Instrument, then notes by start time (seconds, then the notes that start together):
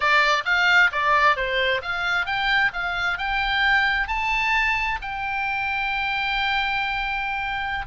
oboe
0.00 D5
0.45 F5
0.92 D5
1.36 C5
1.82 F5
2.26 G5
2.73 F5
3.17 G5
4.07 A5
5.01 G5